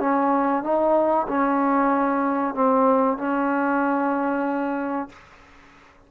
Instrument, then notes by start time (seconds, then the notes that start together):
trombone
0.00 C#4
0.63 D#4
1.28 C#4
2.54 C4
3.18 C#4